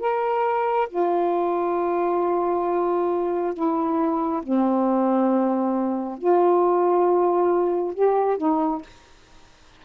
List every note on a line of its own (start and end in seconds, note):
0.00 0.88 A#4
0.89 3.54 F4
3.54 4.42 E4
4.43 6.18 C4
6.18 7.94 F4
7.94 8.38 G4
8.38 8.82 D#4